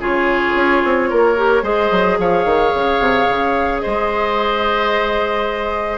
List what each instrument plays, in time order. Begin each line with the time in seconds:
0.00 bassoon C#3, clarinet F4, oboe G#4, flute C#5
0.55 bassoon C#4
0.85 bassoon C4
1.11 bassoon A#3, oboe A#4
1.37 clarinet G4
1.62 bassoon G#3, clarinet G#4, oboe C5, flute D#5
1.91 bassoon F#3
2.19 bassoon F3, oboe C#5, flute F5
2.45 bassoon D#3
2.75 bassoon C#3
3.00 bassoon C3
3.29 bassoon C#3
3.80 oboe C5, flute D#5
3.86 bassoon G#3